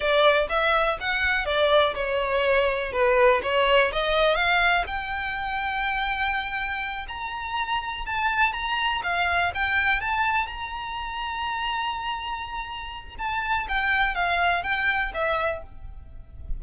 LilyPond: \new Staff \with { instrumentName = "violin" } { \time 4/4 \tempo 4 = 123 d''4 e''4 fis''4 d''4 | cis''2 b'4 cis''4 | dis''4 f''4 g''2~ | g''2~ g''8 ais''4.~ |
ais''8 a''4 ais''4 f''4 g''8~ | g''8 a''4 ais''2~ ais''8~ | ais''2. a''4 | g''4 f''4 g''4 e''4 | }